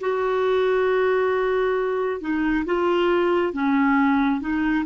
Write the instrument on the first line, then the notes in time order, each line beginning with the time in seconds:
clarinet
0.00 F#4
2.20 D#4
2.65 F4
3.53 C#4
4.40 D#4